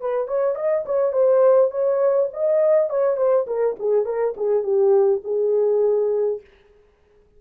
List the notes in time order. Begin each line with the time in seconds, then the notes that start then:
0.00 B4
0.27 C#5
0.55 D#5
0.85 C#5
1.12 C5
1.71 C#5
2.33 D#5
2.89 C#5
3.16 C5
3.47 A#4
3.79 G#4
4.05 A#4
4.37 G#4
4.63 G4
5.24 G#4